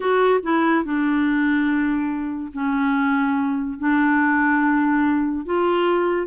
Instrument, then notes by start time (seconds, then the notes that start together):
clarinet
0.00 F#4
0.42 E4
0.84 D4
2.53 C#4
3.78 D4
5.45 F4